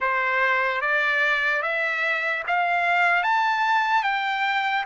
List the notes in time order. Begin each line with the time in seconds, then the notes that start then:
0.00 C5
0.81 D5
1.62 E5
2.47 F5
3.23 A5
4.03 G5